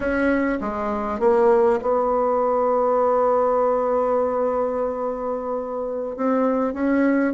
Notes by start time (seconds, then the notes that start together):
0.00 C#4
0.60 G#3
1.19 A#3
1.81 B3
6.16 C4
6.73 C#4